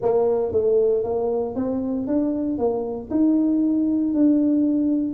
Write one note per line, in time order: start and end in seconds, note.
0.01 0.52 A#3
0.52 1.03 A3
1.03 1.55 A#3
1.55 2.06 C4
2.06 2.58 D4
2.58 3.09 A#3
3.10 4.13 D#4
4.13 5.14 D4